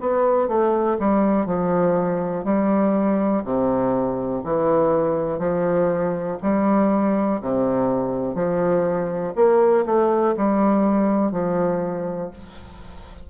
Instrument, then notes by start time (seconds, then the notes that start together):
bassoon
0.00 B3
0.47 A3
0.99 G3
1.45 F3
2.44 G3
3.44 C3
4.44 E3
5.38 F3
6.42 G3
7.40 C3
8.34 F3
9.35 A#3
9.85 A3
10.36 G3
11.31 F3